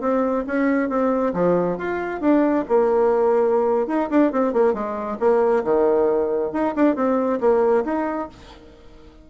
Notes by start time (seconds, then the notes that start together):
0.00 C4
0.46 C#4
0.89 C4
1.33 F3
1.78 F4
2.20 D4
2.68 A#3
3.87 D#4
4.10 D4
4.32 C4
4.53 A#3
4.73 G#3
5.19 A#3
5.64 D#3
6.52 D#4
6.75 D4
6.95 C4
7.40 A#3
7.84 D#4